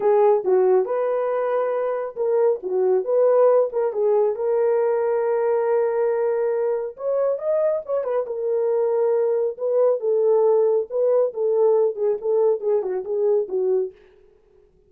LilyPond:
\new Staff \with { instrumentName = "horn" } { \time 4/4 \tempo 4 = 138 gis'4 fis'4 b'2~ | b'4 ais'4 fis'4 b'4~ | b'8 ais'8 gis'4 ais'2~ | ais'1 |
cis''4 dis''4 cis''8 b'8 ais'4~ | ais'2 b'4 a'4~ | a'4 b'4 a'4. gis'8 | a'4 gis'8 fis'8 gis'4 fis'4 | }